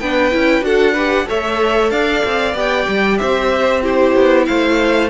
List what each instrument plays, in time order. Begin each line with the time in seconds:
0.00 cello B3, viola D4, violin B4 G5
0.32 cello C#4, viola E4
0.61 cello D4, viola F#4, violin A4 F#5
0.93 viola G4, violin B4
1.26 cello A3, viola A4, violin C#5 E5
1.91 cello D4, violin D5 F5
2.25 cello C4
2.54 cello B3, viola G4, violin G5
2.88 cello G3
3.18 cello C4, violin C5 E5
3.82 viola E4, violin G4 C5
4.16 cello B3
4.46 cello A3, violin C5 F5